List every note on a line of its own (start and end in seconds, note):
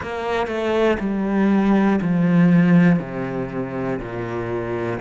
0.02 0.47 A#3
0.47 0.97 A3
1.00 2.00 G3
2.01 2.99 F3
2.99 3.99 C3
4.00 5.00 A#2